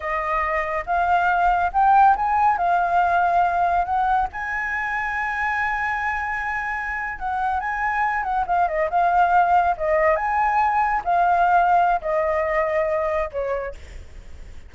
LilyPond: \new Staff \with { instrumentName = "flute" } { \time 4/4 \tempo 4 = 140 dis''2 f''2 | g''4 gis''4 f''2~ | f''4 fis''4 gis''2~ | gis''1~ |
gis''8. fis''4 gis''4. fis''8 f''16~ | f''16 dis''8 f''2 dis''4 gis''16~ | gis''4.~ gis''16 f''2~ f''16 | dis''2. cis''4 | }